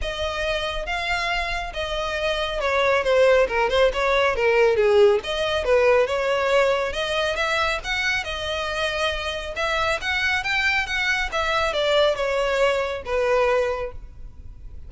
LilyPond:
\new Staff \with { instrumentName = "violin" } { \time 4/4 \tempo 4 = 138 dis''2 f''2 | dis''2 cis''4 c''4 | ais'8 c''8 cis''4 ais'4 gis'4 | dis''4 b'4 cis''2 |
dis''4 e''4 fis''4 dis''4~ | dis''2 e''4 fis''4 | g''4 fis''4 e''4 d''4 | cis''2 b'2 | }